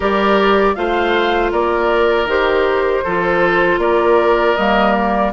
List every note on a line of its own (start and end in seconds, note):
0.00 0.74 G3
0.00 0.75 G4
0.00 0.73 A#4
0.00 0.75 D5
0.75 1.52 A3
0.75 2.27 F4
0.75 1.52 C5
0.75 1.51 F5
1.52 2.25 A#3
1.52 3.03 A#4
1.52 2.28 D5
2.25 3.01 D#3
2.25 3.04 G4
2.25 3.80 C5
3.03 3.78 F3
3.03 4.58 F4
3.03 3.79 A4
3.78 4.53 A#3
3.78 5.32 A#4
3.78 4.56 D5
4.56 5.32 G3
4.56 5.32 A#3
4.56 4.92 D#5
4.92 5.30 D5